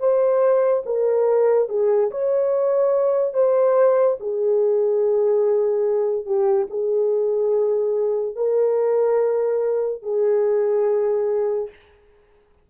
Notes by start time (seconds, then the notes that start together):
0.00 C5
0.86 A#4
1.69 G#4
2.11 C#5
3.34 C5
4.20 G#4
6.26 G4
6.70 G#4
8.36 A#4
10.03 G#4